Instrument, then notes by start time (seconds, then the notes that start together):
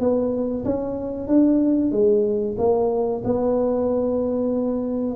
tuba
0.00 B3
0.65 C#4
1.28 D4
1.91 G#3
2.58 A#3
3.24 B3